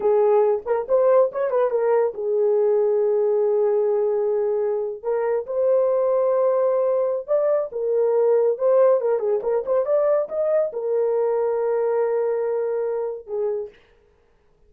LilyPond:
\new Staff \with { instrumentName = "horn" } { \time 4/4 \tempo 4 = 140 gis'4. ais'8 c''4 cis''8 b'8 | ais'4 gis'2.~ | gis'2.~ gis'8. ais'16~ | ais'8. c''2.~ c''16~ |
c''4 d''4 ais'2 | c''4 ais'8 gis'8 ais'8 c''8 d''4 | dis''4 ais'2.~ | ais'2. gis'4 | }